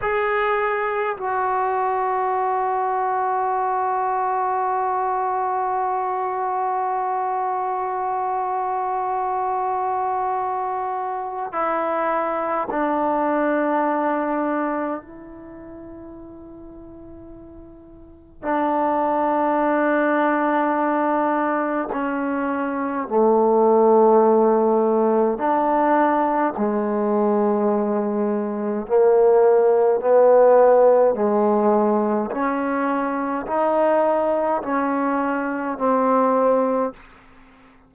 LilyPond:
\new Staff \with { instrumentName = "trombone" } { \time 4/4 \tempo 4 = 52 gis'4 fis'2.~ | fis'1~ | fis'2 e'4 d'4~ | d'4 e'2. |
d'2. cis'4 | a2 d'4 gis4~ | gis4 ais4 b4 gis4 | cis'4 dis'4 cis'4 c'4 | }